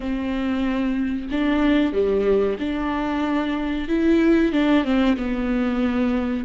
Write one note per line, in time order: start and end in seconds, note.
0.00 1.28 C4
1.31 1.92 D4
1.92 2.57 G3
2.59 3.88 D4
3.88 4.52 E4
4.52 4.84 D4
4.84 5.16 C4
5.16 6.45 B3